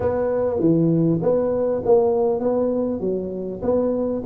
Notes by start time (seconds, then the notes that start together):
0.00 B3
0.59 E3
1.21 B3
1.85 A#3
2.40 B3
3.00 F#3
3.62 B3